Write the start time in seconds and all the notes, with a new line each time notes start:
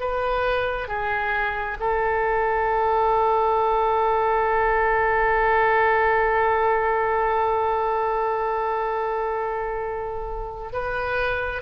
0.00 B4
0.88 G#4
1.80 A4
10.72 B4